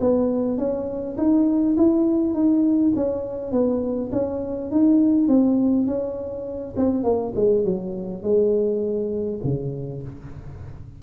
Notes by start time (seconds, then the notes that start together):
0.00 B3
0.57 C#4
1.17 D#4
1.76 E4
2.33 D#4
2.95 C#4
3.52 B3
4.12 C#4
4.71 D#4
5.27 C4
5.86 C#4
6.76 C4
7.03 A#3
7.35 G#3
7.64 F#3
8.22 G#3
9.44 C#3